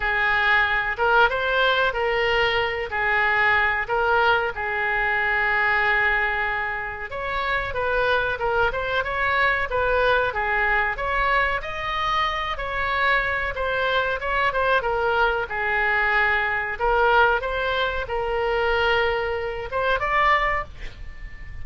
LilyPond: \new Staff \with { instrumentName = "oboe" } { \time 4/4 \tempo 4 = 93 gis'4. ais'8 c''4 ais'4~ | ais'8 gis'4. ais'4 gis'4~ | gis'2. cis''4 | b'4 ais'8 c''8 cis''4 b'4 |
gis'4 cis''4 dis''4. cis''8~ | cis''4 c''4 cis''8 c''8 ais'4 | gis'2 ais'4 c''4 | ais'2~ ais'8 c''8 d''4 | }